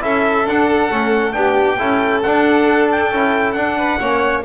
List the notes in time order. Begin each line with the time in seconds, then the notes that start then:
0.00 C#4 E4 A4 E5
0.45 D4 F#5
0.90 A3 C#4
1.32 B3 D4 G4 G5
1.78 C#4 E4 A4
2.22 D4 F#5
2.91 G5
3.11 C#4 E4
3.52 D4 F#5
3.77 B4
3.99 A#3 C#4 C#5